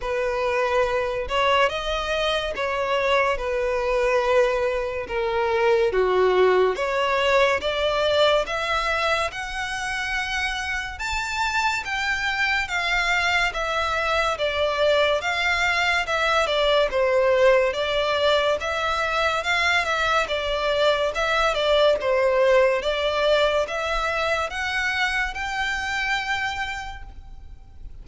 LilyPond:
\new Staff \with { instrumentName = "violin" } { \time 4/4 \tempo 4 = 71 b'4. cis''8 dis''4 cis''4 | b'2 ais'4 fis'4 | cis''4 d''4 e''4 fis''4~ | fis''4 a''4 g''4 f''4 |
e''4 d''4 f''4 e''8 d''8 | c''4 d''4 e''4 f''8 e''8 | d''4 e''8 d''8 c''4 d''4 | e''4 fis''4 g''2 | }